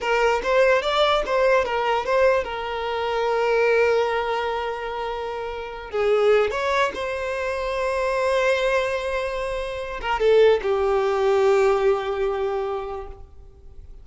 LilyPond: \new Staff \with { instrumentName = "violin" } { \time 4/4 \tempo 4 = 147 ais'4 c''4 d''4 c''4 | ais'4 c''4 ais'2~ | ais'1~ | ais'2~ ais'8 gis'4. |
cis''4 c''2.~ | c''1~ | c''8 ais'8 a'4 g'2~ | g'1 | }